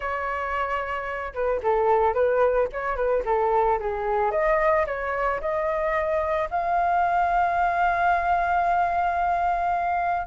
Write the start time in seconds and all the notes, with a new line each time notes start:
0.00 C#5
1.33 B4
1.62 A4
2.14 B4
2.72 C#5
2.96 B4
3.25 A4
3.79 G#4
4.31 D#5
4.86 C#5
5.40 D#5
6.50 F5